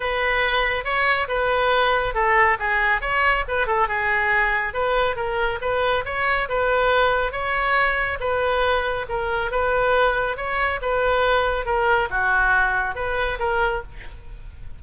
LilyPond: \new Staff \with { instrumentName = "oboe" } { \time 4/4 \tempo 4 = 139 b'2 cis''4 b'4~ | b'4 a'4 gis'4 cis''4 | b'8 a'8 gis'2 b'4 | ais'4 b'4 cis''4 b'4~ |
b'4 cis''2 b'4~ | b'4 ais'4 b'2 | cis''4 b'2 ais'4 | fis'2 b'4 ais'4 | }